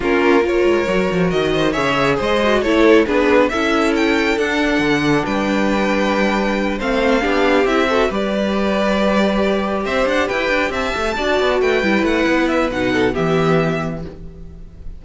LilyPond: <<
  \new Staff \with { instrumentName = "violin" } { \time 4/4 \tempo 4 = 137 ais'4 cis''2 dis''4 | e''4 dis''4 cis''4 b'4 | e''4 g''4 fis''2 | g''2.~ g''8 f''8~ |
f''4. e''4 d''4.~ | d''2~ d''8 e''8 fis''8 g''8~ | g''8 a''2 g''4 fis''8~ | fis''8 e''8 fis''4 e''2 | }
  \new Staff \with { instrumentName = "violin" } { \time 4/4 f'4 ais'2~ ais'8 c''8 | cis''4 c''4 a'4 gis'4 | a'1 | b'2.~ b'8 c''8~ |
c''8 g'4. a'8 b'4.~ | b'2~ b'8 c''4 b'8~ | b'8 e''4 d''4 b'4.~ | b'4. a'8 g'2 | }
  \new Staff \with { instrumentName = "viola" } { \time 4/4 cis'4 f'4 fis'2 | gis'4. fis'8 e'4 d'4 | e'2 d'2~ | d'2.~ d'8 c'8~ |
c'8 d'4 e'8 fis'8 g'4.~ | g'1~ | g'4. fis'4. e'4~ | e'4 dis'4 b2 | }
  \new Staff \with { instrumentName = "cello" } { \time 4/4 ais4. gis8 fis8 f8 dis4 | cis4 gis4 a4 b4 | cis'2 d'4 d4 | g2.~ g8 a8~ |
a8 b4 c'4 g4.~ | g2~ g8 c'8 d'8 e'8 | d'8 c'8 a8 d'8 b8 a8 g8 a8 | b4 b,4 e2 | }
>>